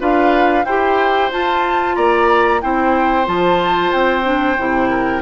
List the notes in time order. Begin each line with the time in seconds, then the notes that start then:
0.00 D4 F4 B4 F5
0.65 E4 G4 C5 G5
1.32 F4 A5
1.96 A#3 D5 A#5
2.61 C4 E4 C5 G5
3.26 F3 F4 A5
3.93 C4 G5
4.24 D4
4.59 C3 E4
4.90 A#4